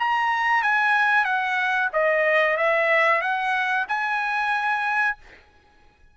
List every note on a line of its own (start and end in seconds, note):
0.00 0.63 A#5
0.63 1.25 G#5
1.25 1.90 F#5
1.93 2.57 D#5
2.57 3.22 E5
3.22 3.87 F#5
3.89 5.18 G#5